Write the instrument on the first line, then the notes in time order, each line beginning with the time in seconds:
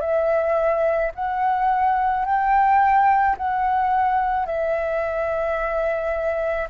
flute
0.00 E5
1.15 F#5
2.25 G5
3.37 F#5
4.46 E5